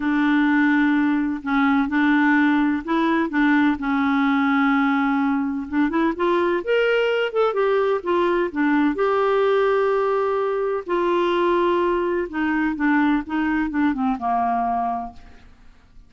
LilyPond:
\new Staff \with { instrumentName = "clarinet" } { \time 4/4 \tempo 4 = 127 d'2. cis'4 | d'2 e'4 d'4 | cis'1 | d'8 e'8 f'4 ais'4. a'8 |
g'4 f'4 d'4 g'4~ | g'2. f'4~ | f'2 dis'4 d'4 | dis'4 d'8 c'8 ais2 | }